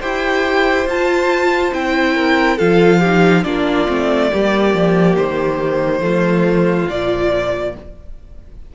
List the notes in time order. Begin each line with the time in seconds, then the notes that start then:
0.00 E4 G4 C5 G5
0.86 F4 A5
1.72 C4 E4 G5
2.15 A#4
2.57 F3 F4 A4 F5
3.00 D#4 G4
3.44 A#3 D4 F4 D5
3.88 A3 C4
4.32 G3 A#3 G4
4.74 F3
5.17 D#3 C5
6.01 F3 A3 F4
6.88 A#2 F3 D5